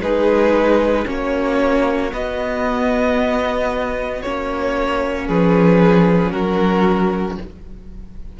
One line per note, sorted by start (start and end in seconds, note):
0.00 1.05 G#3
0.00 1.06 D#4
0.00 1.08 G#4
0.00 1.07 B4
1.06 2.13 A#3
1.06 2.11 C#4
1.06 5.28 F#4
1.06 2.14 C#5
2.12 4.23 B3
2.12 4.24 B3
2.12 4.22 D#5
4.22 5.29 A#3
4.22 7.40 C#4
4.22 5.28 C#5
5.28 6.33 F3
5.28 6.32 G#4
5.28 6.32 B4
6.32 7.38 F#3
6.32 7.37 F#4
6.32 7.37 A#4